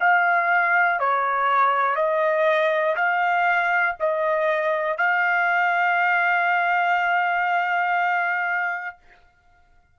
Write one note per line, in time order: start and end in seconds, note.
0.00 1.00 F5
1.00 1.95 C#5
1.95 2.95 D#5
2.95 3.95 F5
3.99 4.98 D#5
4.98 8.98 F5